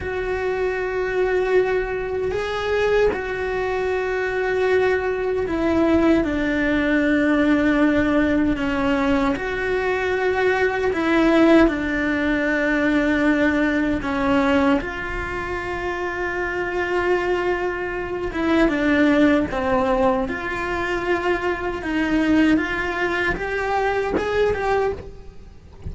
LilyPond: \new Staff \with { instrumentName = "cello" } { \time 4/4 \tempo 4 = 77 fis'2. gis'4 | fis'2. e'4 | d'2. cis'4 | fis'2 e'4 d'4~ |
d'2 cis'4 f'4~ | f'2.~ f'8 e'8 | d'4 c'4 f'2 | dis'4 f'4 g'4 gis'8 g'8 | }